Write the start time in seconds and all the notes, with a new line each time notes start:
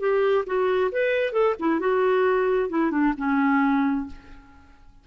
0.00 G4
0.46 F#4
0.92 B4
1.33 A4
1.60 E4
1.80 F#4
2.70 E4
2.91 D4
3.17 C#4